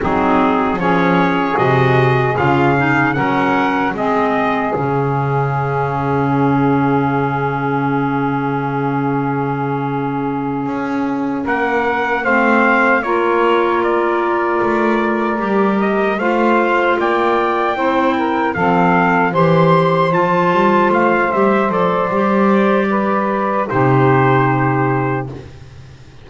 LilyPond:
<<
  \new Staff \with { instrumentName = "trumpet" } { \time 4/4 \tempo 4 = 76 gis'4 cis''4 dis''4 f''4 | fis''4 dis''4 f''2~ | f''1~ | f''2~ f''8 fis''4 f''8~ |
f''8 cis''4 d''2~ d''8 | dis''8 f''4 g''2 f''8~ | f''8 c'''4 a''4 f''8 e''8 d''8~ | d''2 c''2 | }
  \new Staff \with { instrumentName = "saxophone" } { \time 4/4 dis'4 gis'2. | ais'4 gis'2.~ | gis'1~ | gis'2~ gis'8 ais'4 c''8~ |
c''8 ais'2.~ ais'8~ | ais'8 c''4 d''4 c''8 ais'8 a'8~ | a'8 c''2.~ c''8~ | c''4 b'4 g'2 | }
  \new Staff \with { instrumentName = "clarinet" } { \time 4/4 c'4 cis'4 fis'4 f'8 dis'8 | cis'4 c'4 cis'2~ | cis'1~ | cis'2.~ cis'8 c'8~ |
c'8 f'2. g'8~ | g'8 f'2 e'4 c'8~ | c'8 g'4 f'4. g'8 a'8 | g'2 dis'2 | }
  \new Staff \with { instrumentName = "double bass" } { \time 4/4 fis4 f4 c4 cis4 | fis4 gis4 cis2~ | cis1~ | cis4. cis'4 ais4 a8~ |
a8 ais2 a4 g8~ | g8 a4 ais4 c'4 f8~ | f8 e4 f8 g8 a8 g8 f8 | g2 c2 | }
>>